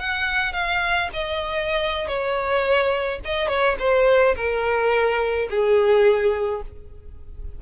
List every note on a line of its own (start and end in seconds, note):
0.00 0.53 F#5
0.53 1.09 F5
1.13 2.08 D#5
2.08 3.20 C#5
3.25 3.48 D#5
3.48 3.76 C#5
3.80 4.36 C5
4.36 5.49 A#4
5.50 6.62 G#4